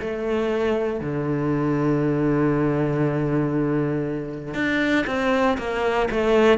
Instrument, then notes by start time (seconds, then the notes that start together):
cello
0.00 A3
1.00 D3
4.54 D4
5.07 C4
5.58 A#3
6.11 A3